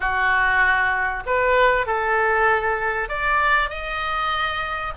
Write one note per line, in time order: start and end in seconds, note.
0.00 1.23 F#4
1.26 1.86 B4
1.86 3.08 A4
3.08 3.69 D5
3.69 4.93 D#5